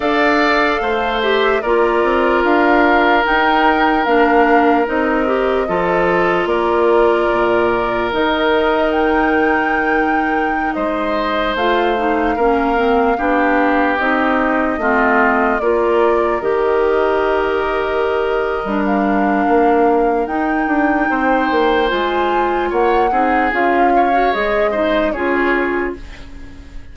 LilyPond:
<<
  \new Staff \with { instrumentName = "flute" } { \time 4/4 \tempo 4 = 74 f''4. e''8 d''4 f''4 | g''4 f''4 dis''2 | d''2 dis''4 g''4~ | g''4~ g''16 dis''4 f''4.~ f''16~ |
f''4~ f''16 dis''2 d''8.~ | d''16 dis''2. f''8.~ | f''4 g''2 gis''4 | fis''4 f''4 dis''4 cis''4 | }
  \new Staff \with { instrumentName = "oboe" } { \time 4/4 d''4 c''4 ais'2~ | ais'2. a'4 | ais'1~ | ais'4~ ais'16 c''2 ais'8.~ |
ais'16 g'2 f'4 ais'8.~ | ais'1~ | ais'2 c''2 | cis''8 gis'4 cis''4 c''8 gis'4 | }
  \new Staff \with { instrumentName = "clarinet" } { \time 4/4 a'4. g'8 f'2 | dis'4 d'4 dis'8 g'8 f'4~ | f'2 dis'2~ | dis'2~ dis'16 f'8 dis'8 cis'8 c'16~ |
c'16 d'4 dis'4 c'4 f'8.~ | f'16 g'2~ g'8. d'4~ | d'4 dis'2 f'4~ | f'8 dis'8 f'8. fis'16 gis'8 dis'8 f'4 | }
  \new Staff \with { instrumentName = "bassoon" } { \time 4/4 d'4 a4 ais8 c'8 d'4 | dis'4 ais4 c'4 f4 | ais4 ais,4 dis2~ | dis4~ dis16 gis4 a4 ais8.~ |
ais16 b4 c'4 a4 ais8.~ | ais16 dis2~ dis8. g4 | ais4 dis'8 d'8 c'8 ais8 gis4 | ais8 c'8 cis'4 gis4 cis'4 | }
>>